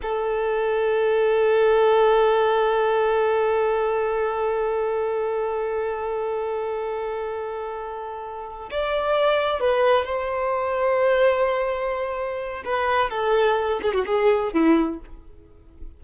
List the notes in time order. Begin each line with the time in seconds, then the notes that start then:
0.02 A4
8.70 D5
9.60 B4
10.05 C5
12.64 B4
13.10 A4
13.82 G#4
13.93 F#4
14.06 G#4
14.53 E4